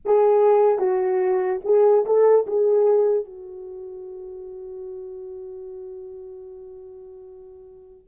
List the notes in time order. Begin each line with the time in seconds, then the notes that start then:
0.05 G#4
0.79 F#4
1.64 G#4
2.05 A4
2.46 G#4
3.24 F#4